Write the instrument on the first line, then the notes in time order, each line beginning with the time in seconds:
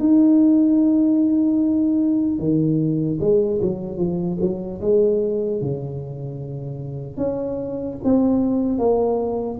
tuba
0.00 D#4
2.39 D#3
3.21 G#3
3.62 F#3
3.98 F3
4.41 F#3
4.81 G#3
5.61 C#3
7.17 C#4
8.04 C4
8.79 A#3